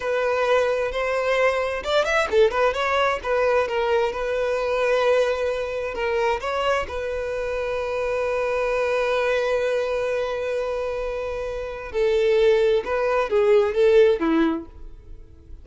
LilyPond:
\new Staff \with { instrumentName = "violin" } { \time 4/4 \tempo 4 = 131 b'2 c''2 | d''8 e''8 a'8 b'8 cis''4 b'4 | ais'4 b'2.~ | b'4 ais'4 cis''4 b'4~ |
b'1~ | b'1~ | b'2 a'2 | b'4 gis'4 a'4 e'4 | }